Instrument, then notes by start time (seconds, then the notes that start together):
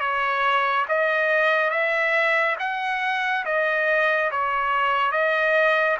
trumpet
0.00 C#5
0.88 D#5
1.70 E5
2.59 F#5
3.45 D#5
4.31 C#5
5.12 D#5